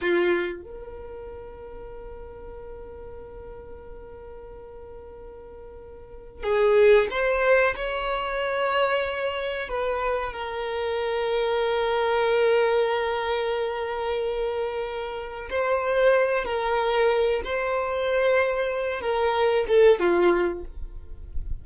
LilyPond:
\new Staff \with { instrumentName = "violin" } { \time 4/4 \tempo 4 = 93 f'4 ais'2.~ | ais'1~ | ais'2 gis'4 c''4 | cis''2. b'4 |
ais'1~ | ais'1 | c''4. ais'4. c''4~ | c''4. ais'4 a'8 f'4 | }